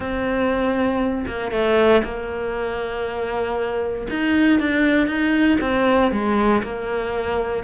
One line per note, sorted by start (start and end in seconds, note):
0.00 1.25 C4
1.27 1.51 A#3
1.51 2.02 A3
2.04 4.07 A#3
4.10 4.59 D#4
4.59 5.07 D4
5.07 5.57 D#4
5.60 6.11 C4
6.11 6.62 G#3
6.62 7.63 A#3